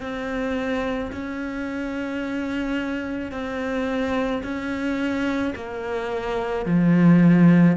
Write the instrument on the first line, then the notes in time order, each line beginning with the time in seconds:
cello
0.00 C4
1.12 C#4
3.31 C4
4.43 C#4
5.55 A#3
6.65 F3